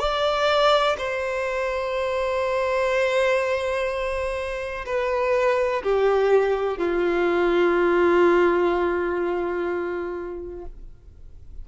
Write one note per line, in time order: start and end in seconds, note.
0.00 0.97 D5
0.99 4.86 C5
4.87 5.83 B4
5.83 6.78 G4
6.78 10.65 F4